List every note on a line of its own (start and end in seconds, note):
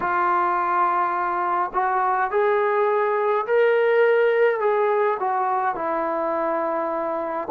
0.00 1.71 F4
1.73 2.30 F#4
2.30 3.46 G#4
3.46 4.59 A#4
4.59 5.17 G#4
5.19 5.75 F#4
5.75 7.48 E4